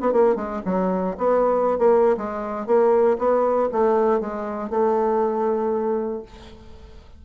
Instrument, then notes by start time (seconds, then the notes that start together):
bassoon
0.00 B3
0.12 A#3
0.35 G#3
0.65 F#3
1.17 B3
1.78 A#3
2.17 G#3
2.66 A#3
3.18 B3
3.71 A3
4.20 G#3
4.69 A3